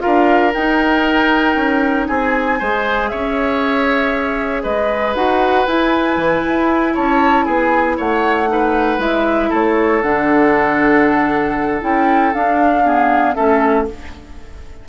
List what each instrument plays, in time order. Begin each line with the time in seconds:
0.00 clarinet F4, oboe A#4, flute F5
0.06 bassoon D4
0.54 bassoon D#4, clarinet D#4, flute G5
1.56 bassoon C#4
2.07 bassoon C4, oboe G#4, flute G#5
2.59 bassoon G#3, clarinet G#4, oboe C5
3.09 bassoon C#4, oboe C#5, flute E5
4.63 bassoon G#3, oboe B4, flute D#5
5.15 bassoon D#4, clarinet F#4, flute F#5
5.66 clarinet E4, bassoon E4, flute G#5
6.17 bassoon E3
6.48 bassoon E4
6.94 bassoon C#4, oboe C#5, flute A5
7.45 bassoon B3, oboe G#4, flute G#5
7.97 bassoon A3, oboe C#5, flute F#5
8.48 clarinet D#4, oboe B4
8.98 bassoon G#3, clarinet E4, flute E5
9.50 bassoon A3, oboe A4, flute C#5
10.02 bassoon D3, clarinet D4, flute F#5
11.81 bassoon C#4, clarinet E4, flute G5
12.34 bassoon D4, clarinet D4, flute F5
12.85 clarinet B3, oboe G#4
13.35 bassoon A3, clarinet C#4, oboe A4, flute E5